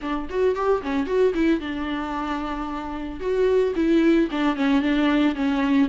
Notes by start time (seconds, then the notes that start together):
0.01 D4
0.29 F#4
0.55 G4
0.82 C#4
1.06 F#4
1.34 E4
1.60 D4
3.20 F#4
3.75 E4
4.31 D4
4.55 C#4
4.81 D4
5.35 C#4